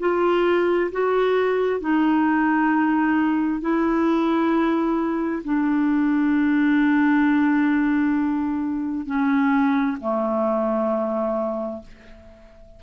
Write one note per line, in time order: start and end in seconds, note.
0.00 0.91 F4
0.92 1.81 F#4
1.81 3.61 D#4
3.61 5.43 E4
5.44 9.07 D4
9.07 9.98 C#4
10.01 11.83 A3